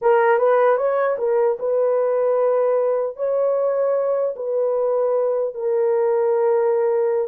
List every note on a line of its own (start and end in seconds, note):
0.01 0.38 A#4
0.38 0.77 B4
0.77 1.16 C#5
1.18 1.57 A#4
1.59 3.16 B4
3.16 4.34 C#5
4.36 5.54 B4
5.54 7.28 A#4